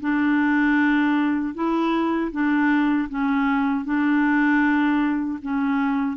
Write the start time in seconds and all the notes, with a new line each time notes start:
0.00 D4
1.54 E4
2.31 D4
3.09 C#4
3.85 D4
5.42 C#4